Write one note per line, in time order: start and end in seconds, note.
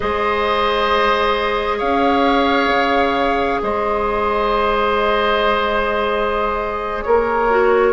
0.00 1.81 G#3
0.00 7.49 G#4
0.00 1.77 C5
0.00 1.79 D#5
1.77 2.68 C#4
1.77 3.59 C#5
1.77 3.61 F5
2.68 3.59 C#3
3.62 7.03 G#3
3.62 7.04 C5
3.62 7.02 D#5
7.02 7.93 A#3
7.02 7.93 A#4
7.02 7.93 C#5
7.50 7.93 F#4